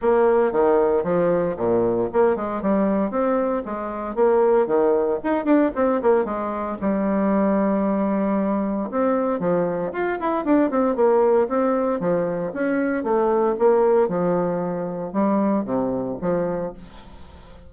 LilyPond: \new Staff \with { instrumentName = "bassoon" } { \time 4/4 \tempo 4 = 115 ais4 dis4 f4 ais,4 | ais8 gis8 g4 c'4 gis4 | ais4 dis4 dis'8 d'8 c'8 ais8 | gis4 g2.~ |
g4 c'4 f4 f'8 e'8 | d'8 c'8 ais4 c'4 f4 | cis'4 a4 ais4 f4~ | f4 g4 c4 f4 | }